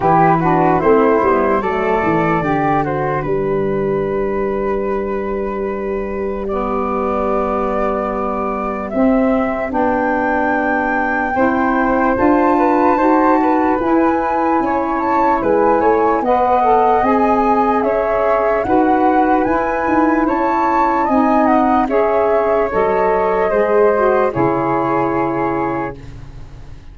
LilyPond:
<<
  \new Staff \with { instrumentName = "flute" } { \time 4/4 \tempo 4 = 74 b'4 c''4 d''4. c''8 | b'1 | d''2. e''4 | g''2. a''4~ |
a''4 gis''4. a''8 gis''4 | fis''4 gis''4 e''4 fis''4 | gis''4 a''4 gis''8 fis''8 e''4 | dis''2 cis''2 | }
  \new Staff \with { instrumentName = "flute" } { \time 4/4 g'8 fis'8 e'4 a'4 g'8 fis'8 | g'1~ | g'1~ | g'2 c''4. b'8 |
c''8 b'4. cis''4 b'8 cis''8 | dis''2 cis''4 b'4~ | b'4 cis''4 dis''4 cis''4~ | cis''4 c''4 gis'2 | }
  \new Staff \with { instrumentName = "saxophone" } { \time 4/4 e'8 d'8 c'8 b8 a4 d'4~ | d'1 | b2. c'4 | d'2 e'4 f'4 |
fis'4 e'2. | b'8 a'8 gis'2 fis'4 | e'2 dis'4 gis'4 | a'4 gis'8 fis'8 e'2 | }
  \new Staff \with { instrumentName = "tuba" } { \time 4/4 e4 a8 g8 fis8 e8 d4 | g1~ | g2. c'4 | b2 c'4 d'4 |
dis'4 e'4 cis'4 gis8 a8 | b4 c'4 cis'4 dis'4 | e'8 dis'8 cis'4 c'4 cis'4 | fis4 gis4 cis2 | }
>>